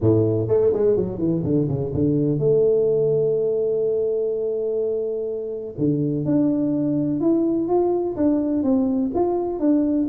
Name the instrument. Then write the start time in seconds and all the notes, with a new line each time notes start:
tuba
0.00 A2
0.48 A3
0.73 G#3
0.96 F#3
1.18 E3
1.43 D3
1.68 C#3
1.93 D3
2.38 A3
5.78 D3
6.25 D4
7.20 E4
7.68 F4
8.16 D4
8.63 C4
9.14 F4
9.59 D4